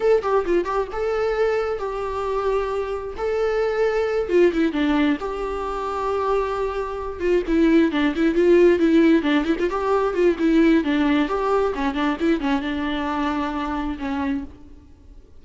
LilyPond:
\new Staff \with { instrumentName = "viola" } { \time 4/4 \tempo 4 = 133 a'8 g'8 f'8 g'8 a'2 | g'2. a'4~ | a'4. f'8 e'8 d'4 g'8~ | g'1 |
f'8 e'4 d'8 e'8 f'4 e'8~ | e'8 d'8 e'16 f'16 g'4 f'8 e'4 | d'4 g'4 cis'8 d'8 e'8 cis'8 | d'2. cis'4 | }